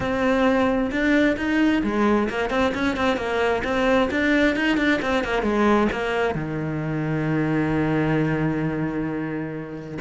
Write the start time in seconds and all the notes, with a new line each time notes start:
0.00 C4
0.91 D4
1.36 D#4
1.83 G#3
2.29 A#3
2.50 C4
2.74 C#4
2.96 C4
3.17 A#3
3.64 C4
4.11 D4
4.56 D#4
4.77 D4
5.02 C4
5.24 A#3
5.42 G#3
5.92 A#3
6.34 D#3